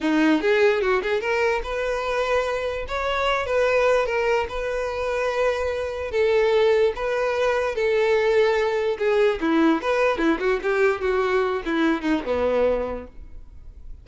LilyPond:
\new Staff \with { instrumentName = "violin" } { \time 4/4 \tempo 4 = 147 dis'4 gis'4 fis'8 gis'8 ais'4 | b'2. cis''4~ | cis''8 b'4. ais'4 b'4~ | b'2. a'4~ |
a'4 b'2 a'4~ | a'2 gis'4 e'4 | b'4 e'8 fis'8 g'4 fis'4~ | fis'8 e'4 dis'8 b2 | }